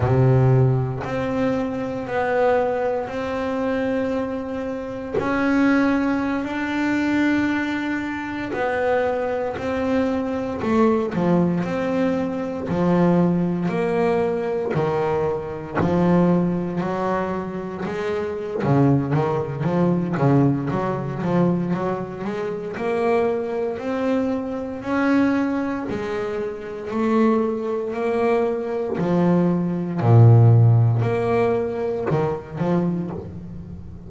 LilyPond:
\new Staff \with { instrumentName = "double bass" } { \time 4/4 \tempo 4 = 58 c4 c'4 b4 c'4~ | c'4 cis'4~ cis'16 d'4.~ d'16~ | d'16 b4 c'4 a8 f8 c'8.~ | c'16 f4 ais4 dis4 f8.~ |
f16 fis4 gis8. cis8 dis8 f8 cis8 | fis8 f8 fis8 gis8 ais4 c'4 | cis'4 gis4 a4 ais4 | f4 ais,4 ais4 dis8 f8 | }